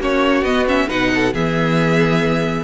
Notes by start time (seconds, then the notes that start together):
0.00 A#3 C#4 F#4 C#5
0.42 B3 D#5
0.67 C#4 E5
0.88 B2 D#4 B4 F#5
1.14 A4
1.34 E3 B3 G#4 E5